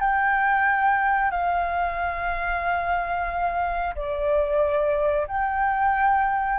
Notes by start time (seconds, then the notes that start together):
0.00 G5
1.31 F5
3.95 D5
5.27 G5